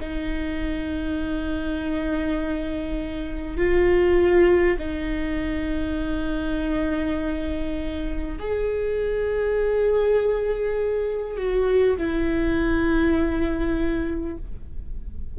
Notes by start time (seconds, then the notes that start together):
0.00 D#4
3.57 F4
4.79 D#4
8.39 G#4
11.37 F#4
11.97 E4